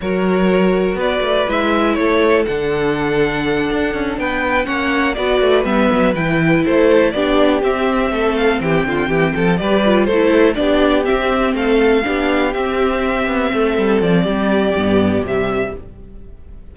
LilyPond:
<<
  \new Staff \with { instrumentName = "violin" } { \time 4/4 \tempo 4 = 122 cis''2 d''4 e''4 | cis''4 fis''2.~ | fis''8 g''4 fis''4 d''4 e''8~ | e''8 g''4 c''4 d''4 e''8~ |
e''4 f''8 g''2 d''8~ | d''8 c''4 d''4 e''4 f''8~ | f''4. e''2~ e''8~ | e''8 d''2~ d''8 e''4 | }
  \new Staff \with { instrumentName = "violin" } { \time 4/4 ais'2 b'2 | a'1~ | a'8 b'4 cis''4 b'4.~ | b'4. a'4 g'4.~ |
g'8 a'4 g'8 f'8 g'8 a'8 b'8~ | b'8 a'4 g'2 a'8~ | a'8 g'2. a'8~ | a'4 g'2. | }
  \new Staff \with { instrumentName = "viola" } { \time 4/4 fis'2. e'4~ | e'4 d'2.~ | d'4. cis'4 fis'4 b8~ | b8 e'2 d'4 c'8~ |
c'2.~ c'8 g'8 | f'8 e'4 d'4 c'4.~ | c'8 d'4 c'2~ c'8~ | c'2 b4 g4 | }
  \new Staff \with { instrumentName = "cello" } { \time 4/4 fis2 b8 a8 gis4 | a4 d2~ d8 d'8 | cis'8 b4 ais4 b8 a8 g8 | fis8 e4 a4 b4 c'8~ |
c'8 a4 e8 d8 e8 f8 g8~ | g8 a4 b4 c'4 a8~ | a8 b4 c'4. b8 a8 | g8 f8 g4 g,4 c4 | }
>>